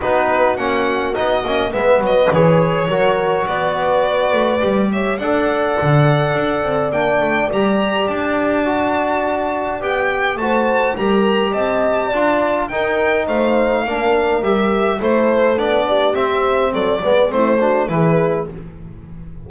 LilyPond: <<
  \new Staff \with { instrumentName = "violin" } { \time 4/4 \tempo 4 = 104 b'4 fis''4 dis''4 e''8 dis''8 | cis''2 d''2~ | d''8 e''8 fis''2. | g''4 ais''4 a''2~ |
a''4 g''4 a''4 ais''4 | a''2 g''4 f''4~ | f''4 e''4 c''4 d''4 | e''4 d''4 c''4 b'4 | }
  \new Staff \with { instrumentName = "horn" } { \time 4/4 fis'2. b'4~ | b'4 ais'4 b'2~ | b'8 cis''8 d''2.~ | d''1~ |
d''2 c''4 ais'4 | dis''4 d''4 ais'4 c''4 | ais'2 a'4. g'8~ | g'4 a'8 b'8 e'8 fis'8 gis'4 | }
  \new Staff \with { instrumentName = "trombone" } { \time 4/4 dis'4 cis'4 dis'8 cis'8 b4 | gis'4 fis'2. | g'4 a'2. | d'4 g'2 fis'4~ |
fis'4 g'4 fis'4 g'4~ | g'4 f'4 dis'2 | d'4 g'4 e'4 d'4 | c'4. b8 c'8 d'8 e'4 | }
  \new Staff \with { instrumentName = "double bass" } { \time 4/4 b4 ais4 b8 ais8 gis8 fis8 | e4 fis4 b4. a8 | g4 d'4 d4 d'8 c'8 | ais8 a8 g4 d'2~ |
d'4 b4 a4 g4 | c'4 d'4 dis'4 a4 | ais4 g4 a4 b4 | c'4 fis8 gis8 a4 e4 | }
>>